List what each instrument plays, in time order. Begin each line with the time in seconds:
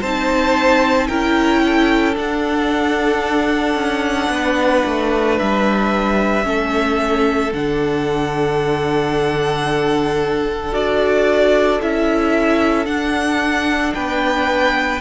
0.00 cello C4, viola D#4, violin C5 A5
1.08 cello C#4, viola E4, violin A#4 G5
1.66 violin A4
2.14 viola D4, cello D4, violin F#5
3.75 cello C#4
4.30 cello B3, violin B4
4.86 cello A3
5.39 cello G3, violin E5
6.43 cello A3, viola C#4, violin A4
7.53 cello D3, viola D4, violin F#5
10.72 cello D4, viola F#4, violin D5
11.82 cello C#4, viola E4, violin E5
12.86 viola D4, cello D4, violin F#5
13.94 cello B3, violin B4 G5